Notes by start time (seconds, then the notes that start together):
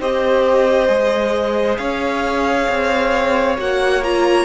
0.00 C4 G4 C5 D#5
0.88 G#3 G#4
1.77 C#4 C#5 F5
2.68 C4
3.58 A#3 F#4 F#5
4.04 F4 A#5